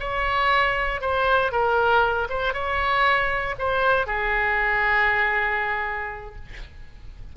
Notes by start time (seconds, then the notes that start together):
0.00 C#5
1.01 C5
1.52 A#4
2.30 C5
2.54 C#5
3.59 C5
4.07 G#4